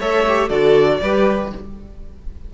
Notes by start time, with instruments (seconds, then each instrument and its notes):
0.00 cello A3, viola A4, violin C#5 E5
0.28 viola G4
0.49 cello D3, viola F#4, violin A4 D5
1.02 cello G3, viola G4, violin B4